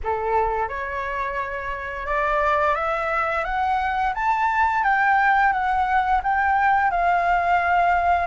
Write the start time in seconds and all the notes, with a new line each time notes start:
0.03 A4
0.68 C#5
2.06 D5
2.75 E5
3.44 F#5
4.14 A5
4.83 G5
5.52 F#5
6.23 G5
6.90 F5